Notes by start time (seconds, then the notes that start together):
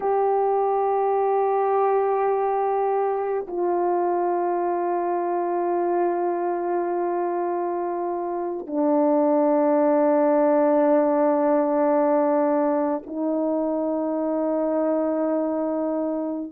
0.00 G4
3.47 F4
8.66 D4
13.06 D#4